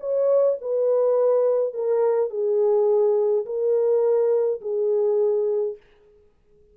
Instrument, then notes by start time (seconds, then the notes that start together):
horn
0.00 C#5
0.61 B4
1.74 A#4
2.30 G#4
3.46 A#4
4.61 G#4